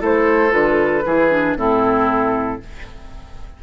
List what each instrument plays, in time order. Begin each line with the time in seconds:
0.00 bassoon A3, clarinet E4, oboe A4, flute C5
0.50 bassoon D3, clarinet F4, flute B4
1.06 bassoon E3, clarinet E4, oboe G#4
1.31 clarinet D4
1.57 bassoon A2, clarinet C4, oboe E4, flute A4